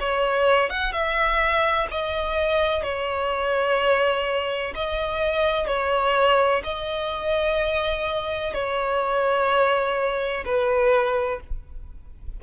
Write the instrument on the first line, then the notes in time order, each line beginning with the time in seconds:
violin
0.00 C#5
0.70 F#5
0.92 E5
1.91 D#5
2.83 C#5
4.75 D#5
5.67 C#5
6.64 D#5
8.54 C#5
10.45 B4